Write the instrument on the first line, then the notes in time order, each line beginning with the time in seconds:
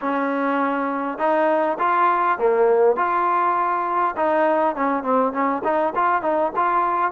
trombone
0.01 C#4
1.18 D#4
1.78 F4
2.38 A#3
2.96 F4
4.16 D#4
4.75 C#4
5.03 C4
5.32 C#4
5.64 D#4
5.95 F4
6.22 D#4
6.56 F4